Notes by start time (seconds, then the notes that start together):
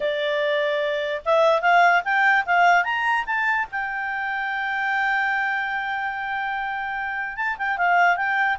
0.00 D5
1.25 E5
1.61 F5
2.04 G5
2.45 F5
2.84 A#5
3.25 A5
3.71 G5
7.36 A5
7.58 G5
7.77 F5
8.16 G5